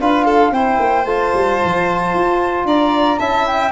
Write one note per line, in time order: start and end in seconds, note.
0.00 0.51 D4
0.00 0.54 F4
0.00 0.24 B4
0.00 0.53 F5
0.24 0.51 A4
0.51 0.78 C4
0.51 1.07 E4
0.51 2.66 C5
0.51 1.05 G5
0.79 1.05 A#3
1.05 1.32 A3
1.05 3.19 F4
1.05 2.64 A5
1.33 1.60 G3
1.64 2.14 F3
2.14 2.64 F4
2.64 3.17 D4
2.64 3.18 D5
2.64 3.19 A#5
3.18 3.72 C#4
3.18 3.72 E4
3.18 3.71 E5
3.18 3.46 A5
3.47 3.72 G5